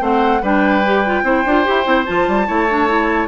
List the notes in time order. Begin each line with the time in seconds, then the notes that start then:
0.00 A3 C4 C5 F#5
0.42 G3 D4 B4 G5
0.85 G4
1.05 F4
1.23 C4 E4 C5
1.46 D4 F4
1.65 E4 G4
1.84 C4 E4
2.06 F3 F4 A5
2.28 G3
2.47 A3 E4 C#5
2.69 D4
2.88 E4